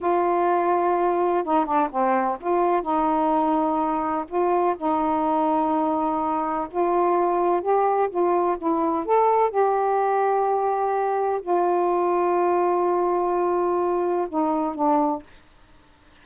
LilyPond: \new Staff \with { instrumentName = "saxophone" } { \time 4/4 \tempo 4 = 126 f'2. dis'8 d'8 | c'4 f'4 dis'2~ | dis'4 f'4 dis'2~ | dis'2 f'2 |
g'4 f'4 e'4 a'4 | g'1 | f'1~ | f'2 dis'4 d'4 | }